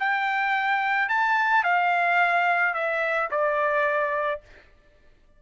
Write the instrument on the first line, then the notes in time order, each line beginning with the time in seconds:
trumpet
0.00 G5
1.09 A5
1.64 F5
2.74 E5
3.31 D5